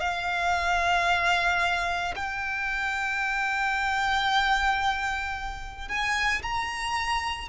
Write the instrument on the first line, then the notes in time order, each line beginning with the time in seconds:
violin
0.00 F5
2.15 G5
5.88 G#5
6.42 A#5